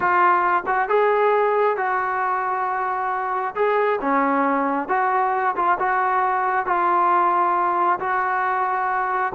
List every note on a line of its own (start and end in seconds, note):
0.00 0.63 F4
0.66 0.88 F#4
0.88 1.77 G#4
1.77 3.54 F#4
3.55 3.99 G#4
4.01 4.88 C#4
4.88 5.55 F#4
5.56 5.78 F4
5.79 6.66 F#4
6.66 7.99 F4
7.99 9.33 F#4